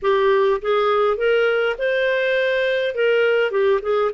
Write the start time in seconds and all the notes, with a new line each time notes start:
0.02 G4
0.61 G#4
1.17 A#4
1.78 C5
2.94 A#4
3.51 G4
3.82 G#4